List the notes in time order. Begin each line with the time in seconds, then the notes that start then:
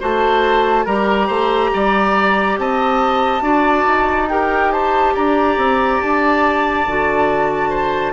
0.00 A3 F#4 C5 A5
0.85 G3 G4 A#4 A#5
1.27 A3 C5
1.74 G3 D5
2.58 C4 D#5 A5
3.42 D4 F#4 D5
3.87 D#4
4.30 G4 A#4 G5
4.72 C5 A5
5.15 D4 D5 A#5
5.57 C4
6.01 D4 A5
6.87 D3 F#4
7.70 C5